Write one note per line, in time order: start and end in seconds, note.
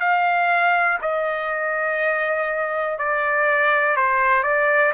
0.00 0.98 F5
1.01 2.98 D#5
2.98 3.96 D5
3.96 4.43 C5
4.43 4.92 D5